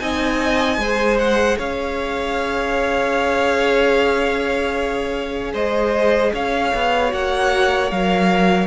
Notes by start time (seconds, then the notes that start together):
0.00 C4 D#4 D#5 G#5
0.78 G#3 G#4 C5
1.19 F#5
1.58 C#4 C#5 F5
5.54 G#3 C5 D#5
6.34 C#4 C#5 F5
6.75 B3
7.09 A#3 F#4 F#5
7.92 F#3 A#4 F5